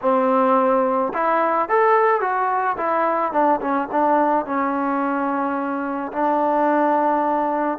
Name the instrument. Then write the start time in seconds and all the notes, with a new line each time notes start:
trombone
0.01 C4
1.13 E4
1.68 A4
2.20 F#4
2.77 E4
3.32 D4
3.60 C#4
3.91 D4
4.45 C#4
6.12 D4